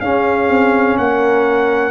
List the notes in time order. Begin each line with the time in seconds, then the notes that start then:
0.00 C#4 G#4 F5
0.49 C4
0.97 A#3 A#4 F#5